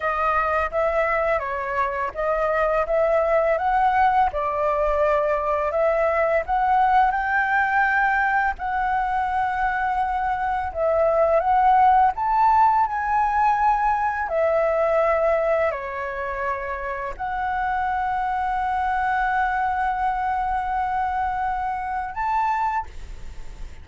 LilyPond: \new Staff \with { instrumentName = "flute" } { \time 4/4 \tempo 4 = 84 dis''4 e''4 cis''4 dis''4 | e''4 fis''4 d''2 | e''4 fis''4 g''2 | fis''2. e''4 |
fis''4 a''4 gis''2 | e''2 cis''2 | fis''1~ | fis''2. a''4 | }